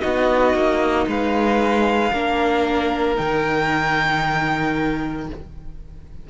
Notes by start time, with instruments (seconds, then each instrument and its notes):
0.00 cello B3, viola D#4, violin F#4 D#5
0.54 cello A#3
1.07 cello G#3, violin B4 F5
2.12 cello A#3, viola D4, violin A#4
3.16 cello D#3, viola D#4, violin G5